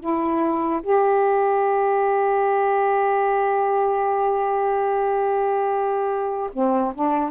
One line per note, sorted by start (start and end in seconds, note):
0.00 0.81 E4
0.83 6.50 G4
6.53 6.94 C4
6.94 7.30 D4